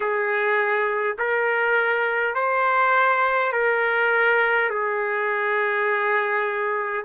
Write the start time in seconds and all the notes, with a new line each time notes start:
0.00 G#4
1.18 A#4
2.35 C5
3.52 A#4
4.69 G#4